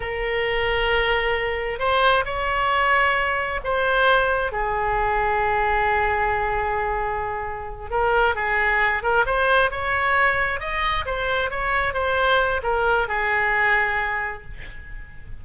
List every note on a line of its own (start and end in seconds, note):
0.00 1.79 A#4
1.79 2.24 C5
2.25 3.60 C#5
3.63 4.52 C5
4.52 7.90 G#4
7.90 8.35 A#4
8.35 9.02 G#4
9.02 9.25 A#4
9.26 9.70 C5
9.70 10.60 C#5
10.60 11.05 D#5
11.05 11.50 C5
11.50 11.93 C#5
11.93 12.61 C5
12.62 13.07 A#4
13.07 14.43 G#4